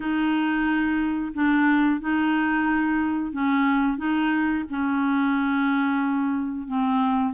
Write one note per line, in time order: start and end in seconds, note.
0.00 1.32 D#4
1.34 2.00 D4
2.00 3.32 D#4
3.32 3.97 C#4
3.97 4.64 D#4
4.70 6.67 C#4
6.67 7.33 C4